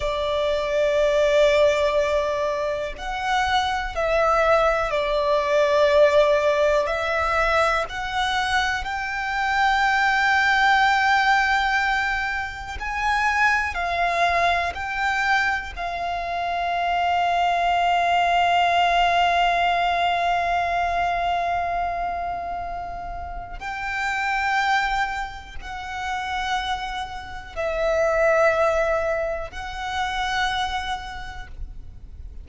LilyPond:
\new Staff \with { instrumentName = "violin" } { \time 4/4 \tempo 4 = 61 d''2. fis''4 | e''4 d''2 e''4 | fis''4 g''2.~ | g''4 gis''4 f''4 g''4 |
f''1~ | f''1 | g''2 fis''2 | e''2 fis''2 | }